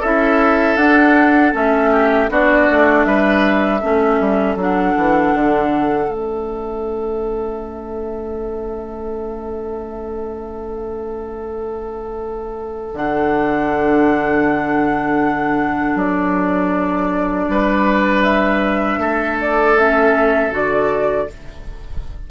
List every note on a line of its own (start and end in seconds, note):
0.00 0.77 C#4
0.00 0.78 E4
0.00 1.90 A4
0.00 0.77 E5
0.77 1.53 D4
0.77 1.53 F#5
1.53 2.29 A3
1.53 2.28 C#4
1.53 2.31 E5
1.92 2.30 G4
2.29 2.67 B3
2.29 3.81 D4
2.29 3.07 F#4
2.29 3.04 D5
2.70 3.06 A3
3.04 3.81 G3
3.04 3.81 B4
3.04 4.56 E5
3.81 4.20 A3
3.81 4.58 C#4
3.81 17.48 A4
4.20 4.56 G3
4.56 4.94 F#3
4.56 6.09 D4
4.62 6.13 F#5
4.97 5.34 E3
5.34 6.09 D3
6.09 12.92 A3
6.09 12.92 C#4
6.09 12.96 E5
12.94 15.95 D3
12.94 19.77 D4
12.94 15.98 F#5
15.95 17.47 F#3
15.95 18.23 D5
17.48 18.98 G3
17.48 19.00 B4
18.23 19.37 E5
18.98 20.50 A3
18.98 21.28 A4
19.41 19.78 D5
19.78 20.51 C#4
19.78 20.54 E5
20.51 21.27 D3
20.51 21.27 F#4
20.51 21.30 D5